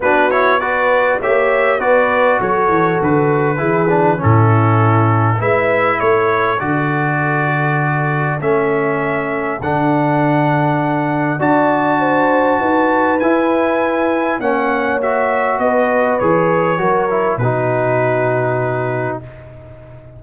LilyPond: <<
  \new Staff \with { instrumentName = "trumpet" } { \time 4/4 \tempo 4 = 100 b'8 cis''8 d''4 e''4 d''4 | cis''4 b'2 a'4~ | a'4 e''4 cis''4 d''4~ | d''2 e''2 |
fis''2. a''4~ | a''2 gis''2 | fis''4 e''4 dis''4 cis''4~ | cis''4 b'2. | }
  \new Staff \with { instrumentName = "horn" } { \time 4/4 fis'4 b'4 cis''4 b'4 | a'2 gis'4 e'4~ | e'4 b'4 a'2~ | a'1~ |
a'2. d''4 | c''4 b'2. | cis''2 b'2 | ais'4 fis'2. | }
  \new Staff \with { instrumentName = "trombone" } { \time 4/4 d'8 e'8 fis'4 g'4 fis'4~ | fis'2 e'8 d'8 cis'4~ | cis'4 e'2 fis'4~ | fis'2 cis'2 |
d'2. fis'4~ | fis'2 e'2 | cis'4 fis'2 gis'4 | fis'8 e'8 dis'2. | }
  \new Staff \with { instrumentName = "tuba" } { \time 4/4 b2 ais4 b4 | fis8 e8 d4 e4 a,4~ | a,4 gis4 a4 d4~ | d2 a2 |
d2. d'4~ | d'4 dis'4 e'2 | ais2 b4 e4 | fis4 b,2. | }
>>